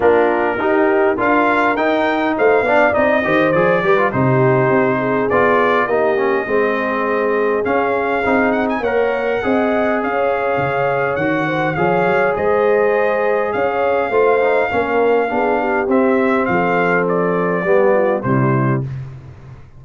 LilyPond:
<<
  \new Staff \with { instrumentName = "trumpet" } { \time 4/4 \tempo 4 = 102 ais'2 f''4 g''4 | f''4 dis''4 d''4 c''4~ | c''4 d''4 dis''2~ | dis''4 f''4. fis''16 gis''16 fis''4~ |
fis''4 f''2 fis''4 | f''4 dis''2 f''4~ | f''2. e''4 | f''4 d''2 c''4 | }
  \new Staff \with { instrumentName = "horn" } { \time 4/4 f'4 g'4 ais'2 | c''8 d''4 c''4 b'8 g'4~ | g'8 gis'4. g'4 gis'4~ | gis'2. cis''4 |
dis''4 cis''2~ cis''8 c''8 | cis''4 c''2 cis''4 | c''4 ais'4 gis'8 g'4. | a'2 g'8 f'8 e'4 | }
  \new Staff \with { instrumentName = "trombone" } { \time 4/4 d'4 dis'4 f'4 dis'4~ | dis'8 d'8 dis'8 g'8 gis'8 g'16 f'16 dis'4~ | dis'4 f'4 dis'8 cis'8 c'4~ | c'4 cis'4 dis'4 ais'4 |
gis'2. fis'4 | gis'1 | f'8 dis'8 cis'4 d'4 c'4~ | c'2 b4 g4 | }
  \new Staff \with { instrumentName = "tuba" } { \time 4/4 ais4 dis'4 d'4 dis'4 | a8 b8 c'8 dis8 f8 g8 c4 | c'4 b4 ais4 gis4~ | gis4 cis'4 c'4 ais4 |
c'4 cis'4 cis4 dis4 | f8 fis8 gis2 cis'4 | a4 ais4 b4 c'4 | f2 g4 c4 | }
>>